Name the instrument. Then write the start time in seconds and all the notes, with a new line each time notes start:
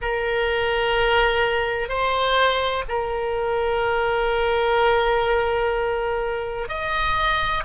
oboe
0.01 A#4
1.88 C5
2.88 A#4
6.68 D#5